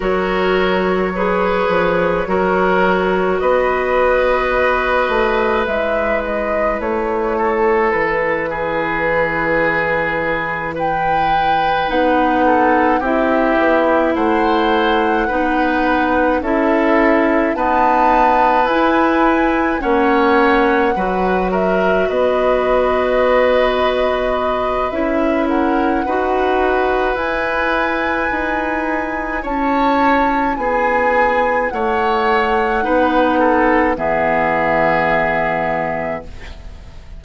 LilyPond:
<<
  \new Staff \with { instrumentName = "flute" } { \time 4/4 \tempo 4 = 53 cis''2. dis''4~ | dis''4 e''8 dis''8 cis''4 b'4~ | b'4. g''4 fis''4 e''8~ | e''8 fis''2 e''4 a''8~ |
a''8 gis''4 fis''4. e''8 dis''8~ | dis''2 e''8 fis''4. | gis''2 a''4 gis''4 | fis''2 e''2 | }
  \new Staff \with { instrumentName = "oboe" } { \time 4/4 ais'4 b'4 ais'4 b'4~ | b'2~ b'8 a'4 gis'8~ | gis'4. b'4. a'8 g'8~ | g'8 c''4 b'4 a'4 b'8~ |
b'4. cis''4 b'8 ais'8 b'8~ | b'2~ b'8 ais'8 b'4~ | b'2 cis''4 gis'4 | cis''4 b'8 a'8 gis'2 | }
  \new Staff \with { instrumentName = "clarinet" } { \time 4/4 fis'4 gis'4 fis'2~ | fis'4 e'2.~ | e'2~ e'8 dis'4 e'8~ | e'4. dis'4 e'4 b8~ |
b8 e'4 cis'4 fis'4.~ | fis'2 e'4 fis'4 | e'1~ | e'4 dis'4 b2 | }
  \new Staff \with { instrumentName = "bassoon" } { \time 4/4 fis4. f8 fis4 b4~ | b8 a8 gis4 a4 e4~ | e2~ e8 b4 c'8 | b8 a4 b4 cis'4 dis'8~ |
dis'8 e'4 ais4 fis4 b8~ | b2 cis'4 dis'4 | e'4 dis'4 cis'4 b4 | a4 b4 e2 | }
>>